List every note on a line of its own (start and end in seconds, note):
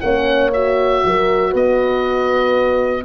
0.00 1.03 A#3
0.00 0.53 C#4
0.00 1.03 C#5
0.00 0.50 F#5
0.53 3.04 F#4
0.53 1.53 E5
1.04 1.53 F#3
1.04 1.51 A#4
1.51 3.04 B3
1.51 3.02 B4
1.51 3.04 D#5